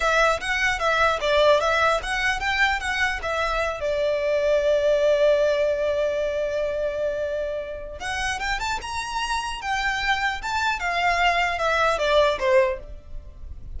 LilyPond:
\new Staff \with { instrumentName = "violin" } { \time 4/4 \tempo 4 = 150 e''4 fis''4 e''4 d''4 | e''4 fis''4 g''4 fis''4 | e''4. d''2~ d''8~ | d''1~ |
d''1 | fis''4 g''8 a''8 ais''2 | g''2 a''4 f''4~ | f''4 e''4 d''4 c''4 | }